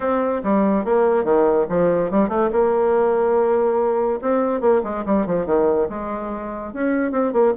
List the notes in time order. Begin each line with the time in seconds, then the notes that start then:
0.00 C4
0.43 G3
0.84 A#3
1.24 D#3
1.69 F3
2.10 G3
2.28 A3
2.52 A#3
4.21 C4
4.60 A#3
4.83 G#3
5.05 G3
5.26 F3
5.45 D#3
5.89 G#3
6.73 C#4
7.11 C4
7.32 A#3